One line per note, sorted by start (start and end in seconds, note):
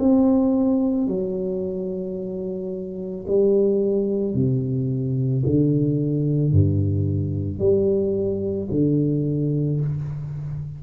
0.00 1.08 C4
1.08 3.26 F#3
3.28 4.35 G3
4.35 5.44 C3
5.46 6.53 D3
6.53 7.60 G2
7.60 8.69 G3
8.72 9.81 D3